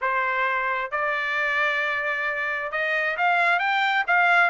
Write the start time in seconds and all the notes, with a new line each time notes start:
0.01 C5
0.91 D5
2.71 D#5
3.17 F5
3.59 G5
4.07 F5